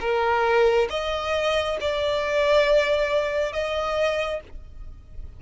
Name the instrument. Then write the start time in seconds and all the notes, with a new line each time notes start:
violin
0.00 A#4
0.89 D#5
1.80 D5
3.53 D#5